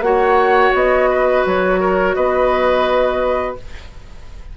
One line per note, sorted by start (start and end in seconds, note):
0.00 0.71 A#3
0.00 3.57 F#4
0.00 1.10 C#5
0.00 0.73 F#5
0.74 1.45 B3
0.74 1.46 D#5
1.10 1.80 B4
1.46 2.16 F#3
1.46 2.15 C#5
1.80 2.15 A#4
2.15 3.57 B3
2.15 3.57 B4
2.15 3.56 D#5